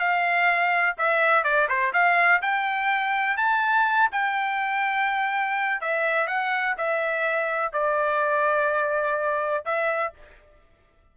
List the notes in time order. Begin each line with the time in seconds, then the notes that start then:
0.00 F5
0.98 E5
1.44 D5
1.69 C5
1.93 F5
2.42 G5
3.37 A5
4.12 G5
5.81 E5
6.27 F#5
6.78 E5
7.73 D5
9.66 E5